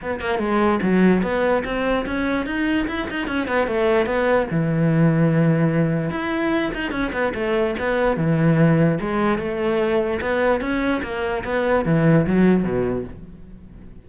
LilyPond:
\new Staff \with { instrumentName = "cello" } { \time 4/4 \tempo 4 = 147 b8 ais8 gis4 fis4 b4 | c'4 cis'4 dis'4 e'8 dis'8 | cis'8 b8 a4 b4 e4~ | e2. e'4~ |
e'8 dis'8 cis'8 b8 a4 b4 | e2 gis4 a4~ | a4 b4 cis'4 ais4 | b4 e4 fis4 b,4 | }